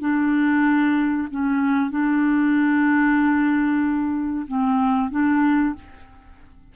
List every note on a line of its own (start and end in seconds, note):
0.00 1.28 D4
1.31 1.90 C#4
1.90 4.46 D4
4.47 5.10 C4
5.10 5.74 D4